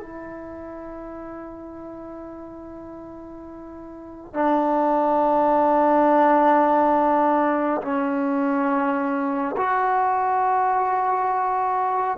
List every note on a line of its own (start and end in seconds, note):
0.00 4.34 E4
4.34 7.81 D4
7.82 9.56 C#4
9.57 12.17 F#4